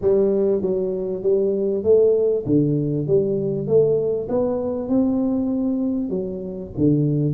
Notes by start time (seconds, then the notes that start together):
0.01 G3
0.61 F#3
1.22 G3
1.83 A3
2.45 D3
3.07 G3
3.67 A3
4.29 B3
4.88 C4
6.09 F#3
6.77 D3